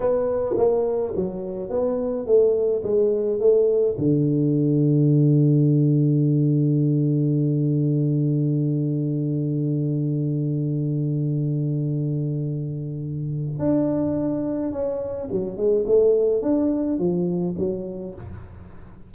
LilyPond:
\new Staff \with { instrumentName = "tuba" } { \time 4/4 \tempo 4 = 106 b4 ais4 fis4 b4 | a4 gis4 a4 d4~ | d1~ | d1~ |
d1~ | d1 | d'2 cis'4 fis8 gis8 | a4 d'4 f4 fis4 | }